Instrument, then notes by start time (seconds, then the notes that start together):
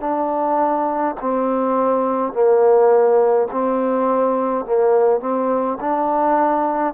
trombone
0.00 D4
1.21 C4
2.33 A#3
3.52 C4
4.65 A#3
5.20 C4
5.81 D4